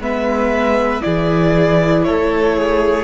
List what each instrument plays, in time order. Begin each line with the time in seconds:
0.00 cello G#3, viola B3, violin B4 E5
1.02 cello E3, viola E4, violin G#4 D5
2.04 cello A3, violin A4 C#5
2.57 violin G#4